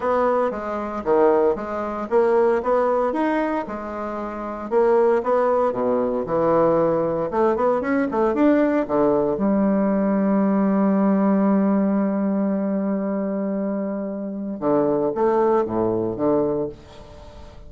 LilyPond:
\new Staff \with { instrumentName = "bassoon" } { \time 4/4 \tempo 4 = 115 b4 gis4 dis4 gis4 | ais4 b4 dis'4 gis4~ | gis4 ais4 b4 b,4 | e2 a8 b8 cis'8 a8 |
d'4 d4 g2~ | g1~ | g1 | d4 a4 a,4 d4 | }